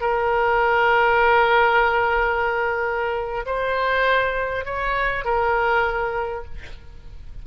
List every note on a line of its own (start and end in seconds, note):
0.00 3.45 A#4
3.45 4.64 C5
4.64 5.24 C#5
5.24 6.44 A#4